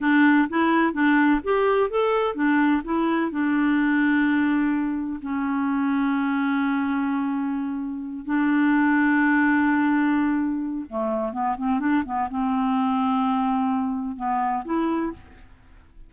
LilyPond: \new Staff \with { instrumentName = "clarinet" } { \time 4/4 \tempo 4 = 127 d'4 e'4 d'4 g'4 | a'4 d'4 e'4 d'4~ | d'2. cis'4~ | cis'1~ |
cis'4. d'2~ d'8~ | d'2. a4 | b8 c'8 d'8 b8 c'2~ | c'2 b4 e'4 | }